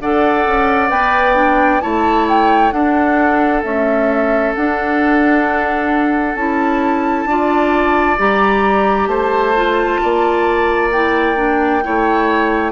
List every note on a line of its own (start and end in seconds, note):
0.00 0.45 D4
0.00 0.89 A4
0.00 1.82 D5
0.00 0.90 F#5
0.46 0.90 C#4
0.89 1.80 B3
0.89 1.34 B4
0.89 1.80 G5
1.34 1.80 D4
1.80 2.71 A3
1.80 2.71 E4
1.80 2.73 C#5
1.80 2.26 A5
2.28 2.71 G5
2.71 3.62 D4
2.71 3.63 D4
2.71 7.28 A4
2.71 3.62 F#5
3.63 4.54 A3
3.63 4.54 C#4
3.63 4.54 E5
4.55 6.35 D4
4.55 6.37 D4
4.55 6.35 F#5
6.35 7.25 C#4
6.35 7.28 E4
6.35 8.16 A5
7.25 8.16 D4
7.25 8.17 F4
7.25 9.09 D5
8.17 9.07 G3
8.17 9.54 G4
8.17 9.07 A#5
9.07 9.98 A3
9.07 10.00 C5
9.07 10.88 A5
9.55 10.91 F4
10.02 11.85 A#3
10.02 11.84 D5
10.91 11.35 E4
10.91 12.72 G5
11.35 11.81 D4
11.83 12.72 A3
11.83 12.72 E4
11.83 12.72 C#5